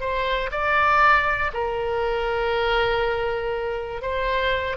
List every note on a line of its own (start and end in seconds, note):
0.00 0.50 C5
0.51 1.51 D5
1.53 4.02 A#4
4.02 4.77 C5